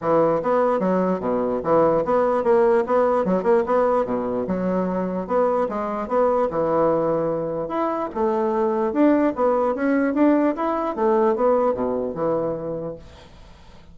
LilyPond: \new Staff \with { instrumentName = "bassoon" } { \time 4/4 \tempo 4 = 148 e4 b4 fis4 b,4 | e4 b4 ais4 b4 | fis8 ais8 b4 b,4 fis4~ | fis4 b4 gis4 b4 |
e2. e'4 | a2 d'4 b4 | cis'4 d'4 e'4 a4 | b4 b,4 e2 | }